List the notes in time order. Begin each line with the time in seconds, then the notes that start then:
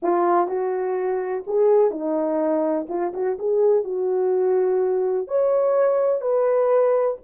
0.02 F4
0.47 F#4
1.46 G#4
1.90 D#4
2.88 F4
3.13 F#4
3.38 G#4
3.84 F#4
5.27 C#5
6.21 B4